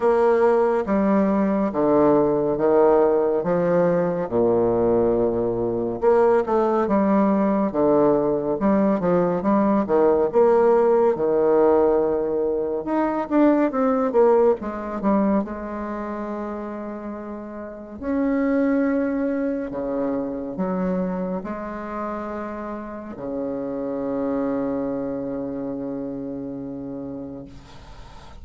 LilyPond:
\new Staff \with { instrumentName = "bassoon" } { \time 4/4 \tempo 4 = 70 ais4 g4 d4 dis4 | f4 ais,2 ais8 a8 | g4 d4 g8 f8 g8 dis8 | ais4 dis2 dis'8 d'8 |
c'8 ais8 gis8 g8 gis2~ | gis4 cis'2 cis4 | fis4 gis2 cis4~ | cis1 | }